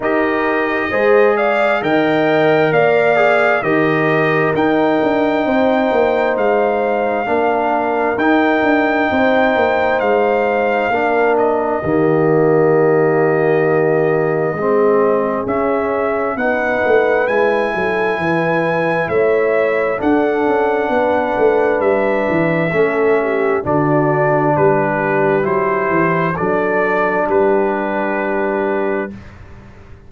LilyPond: <<
  \new Staff \with { instrumentName = "trumpet" } { \time 4/4 \tempo 4 = 66 dis''4. f''8 g''4 f''4 | dis''4 g''2 f''4~ | f''4 g''2 f''4~ | f''8 dis''2.~ dis''8~ |
dis''4 e''4 fis''4 gis''4~ | gis''4 e''4 fis''2 | e''2 d''4 b'4 | c''4 d''4 b'2 | }
  \new Staff \with { instrumentName = "horn" } { \time 4/4 ais'4 c''8 d''8 dis''4 d''4 | ais'2 c''2 | ais'2 c''2 | ais'4 g'2. |
gis'2 b'4. a'8 | b'4 cis''4 a'4 b'4~ | b'4 a'8 g'8 fis'4 g'4~ | g'4 a'4 g'2 | }
  \new Staff \with { instrumentName = "trombone" } { \time 4/4 g'4 gis'4 ais'4. gis'8 | g'4 dis'2. | d'4 dis'2. | d'4 ais2. |
c'4 cis'4 dis'4 e'4~ | e'2 d'2~ | d'4 cis'4 d'2 | e'4 d'2. | }
  \new Staff \with { instrumentName = "tuba" } { \time 4/4 dis'4 gis4 dis4 ais4 | dis4 dis'8 d'8 c'8 ais8 gis4 | ais4 dis'8 d'8 c'8 ais8 gis4 | ais4 dis2. |
gis4 cis'4 b8 a8 gis8 fis8 | e4 a4 d'8 cis'8 b8 a8 | g8 e8 a4 d4 g4 | fis8 e8 fis4 g2 | }
>>